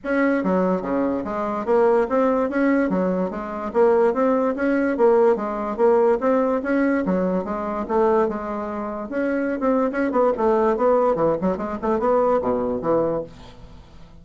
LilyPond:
\new Staff \with { instrumentName = "bassoon" } { \time 4/4 \tempo 4 = 145 cis'4 fis4 cis4 gis4 | ais4 c'4 cis'4 fis4 | gis4 ais4 c'4 cis'4 | ais4 gis4 ais4 c'4 |
cis'4 fis4 gis4 a4 | gis2 cis'4~ cis'16 c'8. | cis'8 b8 a4 b4 e8 fis8 | gis8 a8 b4 b,4 e4 | }